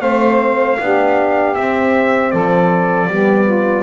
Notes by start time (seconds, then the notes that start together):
0.00 A3 C4 C5 F5
0.78 B3 D4 G4
1.54 C4 E5
2.31 F3 A4 D5
3.07 G3 B3 G4
3.45 F4